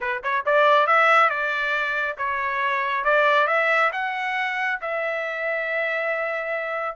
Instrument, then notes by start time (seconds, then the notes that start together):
trumpet
0.00 B4
0.23 C#5
0.45 D5
0.87 E5
1.29 D5
2.17 C#5
3.04 D5
3.47 E5
3.92 F#5
4.81 E5